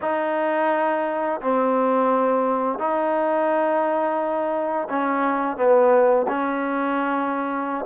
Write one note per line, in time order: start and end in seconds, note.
0.01 1.40 D#4
1.41 2.78 C4
2.78 4.88 D#4
4.89 5.57 C#4
5.57 6.26 B3
6.28 7.85 C#4